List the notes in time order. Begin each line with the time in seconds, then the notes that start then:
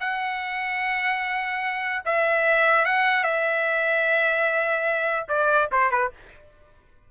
0.00 F#5
2.05 E5
2.85 F#5
3.23 E5
5.28 D5
5.71 C5
5.91 B4